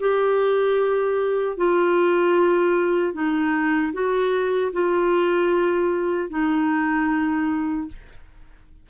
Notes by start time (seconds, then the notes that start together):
0.00 G4
1.57 F4
3.14 D#4
3.93 F#4
4.73 F4
6.30 D#4